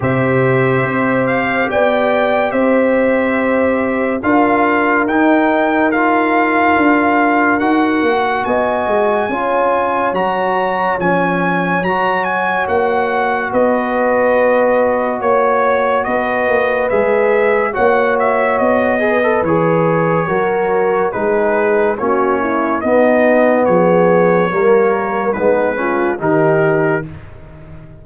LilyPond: <<
  \new Staff \with { instrumentName = "trumpet" } { \time 4/4 \tempo 4 = 71 e''4. f''8 g''4 e''4~ | e''4 f''4 g''4 f''4~ | f''4 fis''4 gis''2 | ais''4 gis''4 ais''8 gis''8 fis''4 |
dis''2 cis''4 dis''4 | e''4 fis''8 e''8 dis''4 cis''4~ | cis''4 b'4 cis''4 dis''4 | cis''2 b'4 ais'4 | }
  \new Staff \with { instrumentName = "horn" } { \time 4/4 c''2 d''4 c''4~ | c''4 ais'2.~ | ais'2 dis''4 cis''4~ | cis''1 |
b'2 cis''4 b'4~ | b'4 cis''4. b'4. | ais'4 gis'4 fis'8 e'8 dis'4 | gis'4 ais'4 dis'8 f'8 g'4 | }
  \new Staff \with { instrumentName = "trombone" } { \time 4/4 g'1~ | g'4 f'4 dis'4 f'4~ | f'4 fis'2 f'4 | fis'4 cis'4 fis'2~ |
fis'1 | gis'4 fis'4. gis'16 a'16 gis'4 | fis'4 dis'4 cis'4 b4~ | b4 ais4 b8 cis'8 dis'4 | }
  \new Staff \with { instrumentName = "tuba" } { \time 4/4 c4 c'4 b4 c'4~ | c'4 d'4 dis'2 | d'4 dis'8 ais8 b8 gis8 cis'4 | fis4 f4 fis4 ais4 |
b2 ais4 b8 ais8 | gis4 ais4 b4 e4 | fis4 gis4 ais4 b4 | f4 g4 gis4 dis4 | }
>>